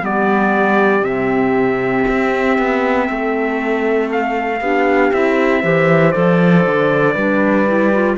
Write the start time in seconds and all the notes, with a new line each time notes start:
0.00 G3 B3 G4 D5
1.00 C3 C4 E5
2.08 C4
2.58 B3
3.09 A3 A4
4.12 F5
4.61 B3 D4 G4
5.13 C4 E4 E5
5.62 E3 G4 C5
6.12 F3 A4 D5
6.66 D3
7.14 G3 D4 B4
7.67 E4
7.93 F4